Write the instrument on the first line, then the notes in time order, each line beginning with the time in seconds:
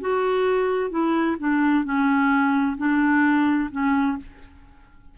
clarinet
0.00 F#4
0.90 E4
1.39 D4
1.84 C#4
2.77 D4
3.71 C#4